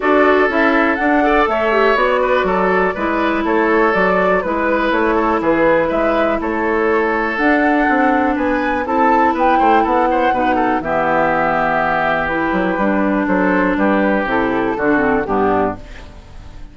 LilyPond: <<
  \new Staff \with { instrumentName = "flute" } { \time 4/4 \tempo 4 = 122 d''4 e''4 fis''4 e''4 | d''2. cis''4 | d''4 b'4 cis''4 b'4 | e''4 cis''2 fis''4~ |
fis''4 gis''4 a''4 g''4 | fis''2 e''2~ | e''4 b'2 c''4 | b'4 a'2 g'4 | }
  \new Staff \with { instrumentName = "oboe" } { \time 4/4 a'2~ a'8 d''8 cis''4~ | cis''8 b'8 a'4 b'4 a'4~ | a'4 b'4. a'8 gis'4 | b'4 a'2.~ |
a'4 b'4 a'4 b'8 c''8 | a'8 c''8 b'8 a'8 g'2~ | g'2. a'4 | g'2 fis'4 d'4 | }
  \new Staff \with { instrumentName = "clarinet" } { \time 4/4 fis'4 e'4 d'8 a'4 g'8 | fis'2 e'2 | fis'4 e'2.~ | e'2. d'4~ |
d'2 e'2~ | e'4 dis'4 b2~ | b4 e'4 d'2~ | d'4 e'4 d'8 c'8 b4 | }
  \new Staff \with { instrumentName = "bassoon" } { \time 4/4 d'4 cis'4 d'4 a4 | b4 fis4 gis4 a4 | fis4 gis4 a4 e4 | gis4 a2 d'4 |
c'4 b4 c'4 b8 a8 | b4 b,4 e2~ | e4. fis8 g4 fis4 | g4 c4 d4 g,4 | }
>>